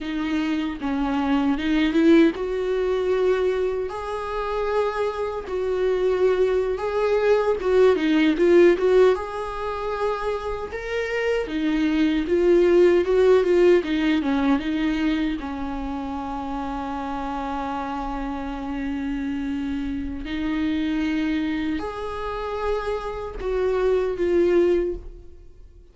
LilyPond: \new Staff \with { instrumentName = "viola" } { \time 4/4 \tempo 4 = 77 dis'4 cis'4 dis'8 e'8 fis'4~ | fis'4 gis'2 fis'4~ | fis'8. gis'4 fis'8 dis'8 f'8 fis'8 gis'16~ | gis'4.~ gis'16 ais'4 dis'4 f'16~ |
f'8. fis'8 f'8 dis'8 cis'8 dis'4 cis'16~ | cis'1~ | cis'2 dis'2 | gis'2 fis'4 f'4 | }